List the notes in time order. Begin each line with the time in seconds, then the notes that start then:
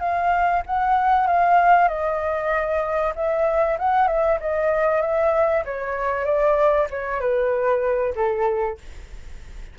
0.00 F5
0.66 F#5
1.27 F5
1.88 D#5
3.16 E5
3.79 F#5
4.08 E5
4.40 D#5
5.02 E5
5.65 C#5
6.25 D5
6.90 C#5
7.20 B4
8.15 A4